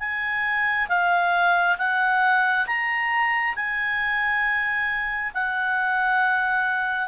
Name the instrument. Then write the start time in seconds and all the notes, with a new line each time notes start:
clarinet
0.00 G#5
0.89 F5
1.78 F#5
2.67 A#5
3.56 G#5
5.35 F#5